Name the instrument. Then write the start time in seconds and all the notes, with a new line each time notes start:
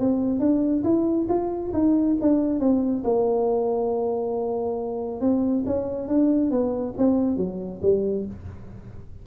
tuba
0.00 C4
0.40 D4
0.84 E4
1.29 F4
1.74 D#4
2.22 D4
2.60 C4
3.04 A#3
5.21 C4
5.67 C#4
6.08 D4
6.51 B3
6.98 C4
7.37 F#3
7.82 G3